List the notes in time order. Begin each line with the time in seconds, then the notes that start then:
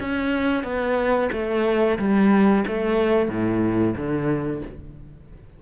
0.00 C#4
0.64 B3
1.32 A3
1.99 G3
2.67 A3
3.28 A2
3.97 D3